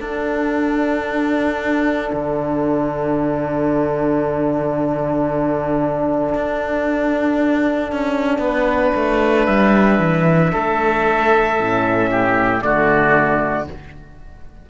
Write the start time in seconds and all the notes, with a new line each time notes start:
0.00 D4 A4 F#5
2.13 D3
6.34 D4
7.92 C#4
8.39 B3 B4
8.95 A3
9.46 G3 E5
9.99 E3
10.52 A3 A4
11.60 A2 C#4
12.11 G4
12.61 D3 A3 F#4 D5